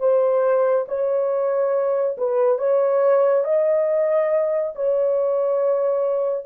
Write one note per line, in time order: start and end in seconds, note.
0.00 0.86 C5
0.88 2.17 C#5
2.18 2.59 B4
2.59 3.44 C#5
3.45 4.73 D#5
4.76 6.46 C#5